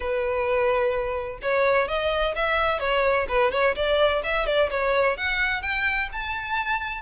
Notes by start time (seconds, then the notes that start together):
0.00 B4
1.42 C#5
1.87 D#5
2.35 E5
2.79 C#5
3.28 B4
3.51 C#5
3.75 D5
4.23 E5
4.46 D5
4.70 C#5
5.17 F#5
5.62 G5
6.12 A5